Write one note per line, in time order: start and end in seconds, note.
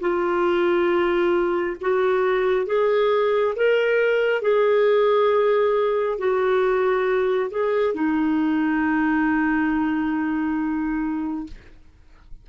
0.00 1.76 F4
1.81 2.66 F#4
2.66 3.54 G#4
3.56 4.42 A#4
4.42 6.18 G#4
6.18 7.50 F#4
7.50 7.94 G#4
7.94 11.47 D#4